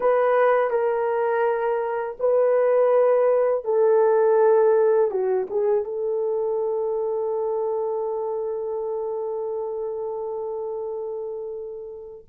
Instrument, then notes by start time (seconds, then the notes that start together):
horn
0.00 B4
0.70 A#4
2.19 B4
3.64 A4
5.11 F#4
5.50 G#4
5.84 A4